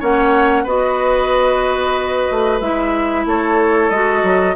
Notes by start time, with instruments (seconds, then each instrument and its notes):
0.00 bassoon A#3, clarinet C#4, oboe C#5, flute F#5
0.63 bassoon B3, clarinet F#4, oboe B4, flute D#5
2.30 bassoon A3
2.60 bassoon G#3, clarinet E4, flute E5
3.26 bassoon A3, oboe A4, flute C#5
3.90 bassoon G#3, clarinet F#4, flute D#5
4.23 bassoon F#3